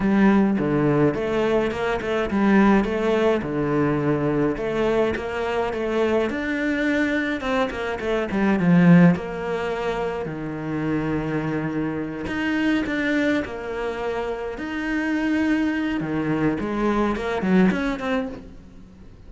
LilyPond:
\new Staff \with { instrumentName = "cello" } { \time 4/4 \tempo 4 = 105 g4 d4 a4 ais8 a8 | g4 a4 d2 | a4 ais4 a4 d'4~ | d'4 c'8 ais8 a8 g8 f4 |
ais2 dis2~ | dis4. dis'4 d'4 ais8~ | ais4. dis'2~ dis'8 | dis4 gis4 ais8 fis8 cis'8 c'8 | }